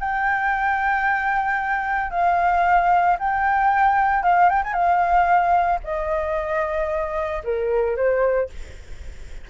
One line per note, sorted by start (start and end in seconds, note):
0.00 2.11 G5
2.11 3.17 F5
3.19 4.23 G5
4.23 4.50 F5
4.50 4.63 G5
4.64 4.74 G#5
4.74 5.80 F5
5.84 7.43 D#5
7.44 7.97 A#4
7.97 8.50 C5